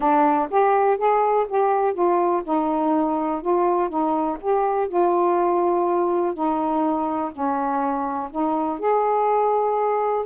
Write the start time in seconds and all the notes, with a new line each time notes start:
0.00 D4
0.50 G4
0.97 G#4
1.48 G4
1.93 F4
2.43 D#4
3.41 F4
3.89 D#4
4.41 G4
4.88 F4
6.34 D#4
7.32 C#4
8.30 D#4
8.79 G#4